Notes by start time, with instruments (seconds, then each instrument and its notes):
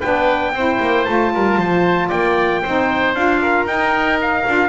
0.00 double bass B3, saxophone D4, oboe B4, trumpet G5
0.53 double bass C4, saxophone E4, oboe C5
0.81 double bass A#3
1.05 double bass A3, saxophone F4, trumpet A5
1.35 double bass G3, oboe A#4
1.58 double bass F3, oboe C5
2.09 double bass A#3, oboe D5, trumpet G5
2.63 double bass C4, saxophone D#4, oboe C5
3.15 double bass D4, saxophone F4, trumpet F5
3.42 oboe A#4
3.66 double bass D#4, saxophone D#4, trumpet G5
4.22 trumpet F5
4.47 double bass D4, saxophone F4